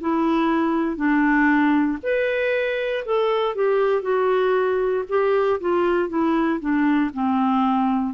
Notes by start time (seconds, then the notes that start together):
0.00 E4
0.96 D4
2.02 B4
3.05 A4
3.55 G4
4.02 F#4
5.09 G4
5.60 F4
6.09 E4
6.60 D4
7.13 C4